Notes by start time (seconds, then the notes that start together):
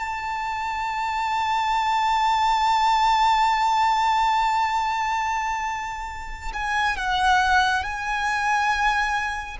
0.00 A5
6.53 G#5
6.97 F#5
7.83 G#5